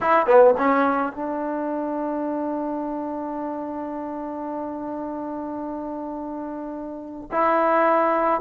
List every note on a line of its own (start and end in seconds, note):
0.00 0.26 E4
0.26 0.54 B3
0.57 1.12 C#4
1.12 7.29 D4
7.31 8.41 E4